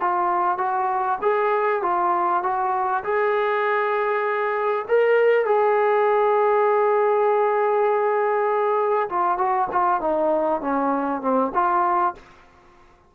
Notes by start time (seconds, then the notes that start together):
0.00 F4
0.58 F#4
1.21 G#4
1.82 F4
2.43 F#4
3.04 G#4
4.88 A#4
5.45 G#4
9.09 F4
9.37 F#4
9.72 F4
10.01 D#4
10.61 C#4
11.21 C4
11.54 F4